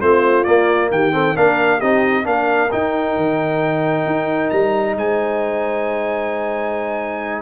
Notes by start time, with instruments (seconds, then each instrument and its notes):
0.00 tuba A3, trombone C4, horn F4, trumpet C5
0.44 trombone A#3, tuba A#3, trumpet D5
0.91 tuba D#3, horn G4, trumpet G5
1.12 trombone C4, horn A4
1.35 tuba A#3, trombone D4, horn A#4, trumpet F5
1.78 tuba C4, trombone D#4, horn G4, trumpet D#5
2.24 tuba A#3, trombone D4, horn A#4, trumpet F5
2.71 trombone D#4, tuba D#4, trumpet G5
3.16 tuba D#3
4.06 tuba D#4
4.50 tuba G3, trumpet A#5
4.96 tuba G#3, horn C5, trumpet G#5